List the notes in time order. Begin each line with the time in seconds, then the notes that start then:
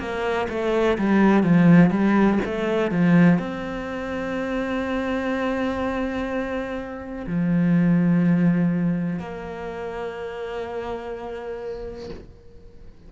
0.00 A#3
0.50 A3
0.99 G3
1.44 F3
1.91 G3
2.45 A3
2.92 F3
3.39 C4
7.28 F3
9.20 A#3